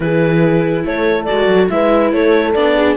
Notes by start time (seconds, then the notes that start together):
0.00 E3 E4 G#4 B4
0.84 A3 A4 C#5
1.24 F#4 D5
1.31 G#3
1.47 F#3
1.69 G#3 E4 B4 E5
2.12 A3 A4 C#5
2.53 B3 D4 D5
2.76 G#4